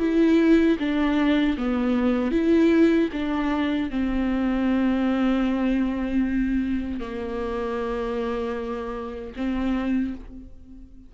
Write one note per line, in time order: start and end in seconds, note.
0.00 0.78 E4
0.79 1.57 D4
1.58 2.32 B3
2.32 3.10 E4
3.13 3.90 D4
3.90 7.00 C4
7.00 9.34 A#3
9.36 10.14 C4